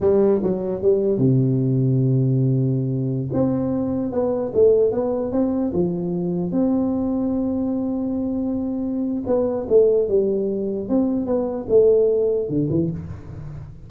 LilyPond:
\new Staff \with { instrumentName = "tuba" } { \time 4/4 \tempo 4 = 149 g4 fis4 g4 c4~ | c1~ | c16 c'2 b4 a8.~ | a16 b4 c'4 f4.~ f16~ |
f16 c'2.~ c'8.~ | c'2. b4 | a4 g2 c'4 | b4 a2 d8 e8 | }